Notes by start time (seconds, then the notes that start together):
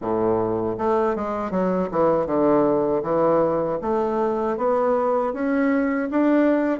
0.01 A2
0.78 A3
1.15 G#3
1.51 F#3
1.91 E3
2.26 D3
3.02 E3
3.81 A3
4.57 B3
5.33 C#4
6.10 D4